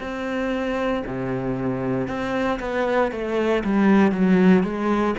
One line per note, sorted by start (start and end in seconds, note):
0.00 1.03 C4
1.06 2.07 C3
2.07 2.59 C4
2.60 3.11 B3
3.11 3.63 A3
3.63 4.11 G3
4.11 4.63 F#3
4.63 5.14 G#3